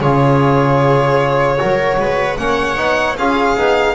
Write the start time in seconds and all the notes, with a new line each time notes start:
0.00 C#3 F4 G#4 C#5
1.57 F#3 F#4 A#4
1.99 G#3 B4
2.37 A#3 C#4 C#5 F#5
2.76 B3 D#4
3.17 C#4 F4 G#4 F5
3.56 B3 D#4